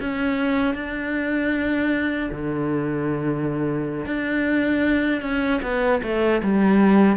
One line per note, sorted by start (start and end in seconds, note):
0.00 0.74 C#4
0.74 2.30 D4
2.32 4.06 D3
4.06 5.22 D4
5.22 5.61 C#4
5.63 6.02 B3
6.03 6.42 A3
6.43 7.17 G3